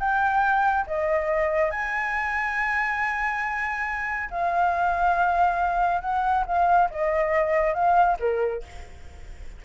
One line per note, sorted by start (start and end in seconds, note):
0.00 0.86 G5
0.87 1.71 D#5
1.71 4.30 G#5
4.31 6.02 F5
6.02 6.45 F#5
6.47 6.90 F5
6.91 7.74 D#5
7.74 8.18 F5
8.20 8.63 A#4